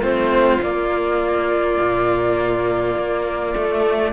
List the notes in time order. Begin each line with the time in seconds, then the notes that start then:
0.00 A3 C4 F4 C5
0.60 A#3 D5
1.80 A#2
2.95 A#3
3.55 A3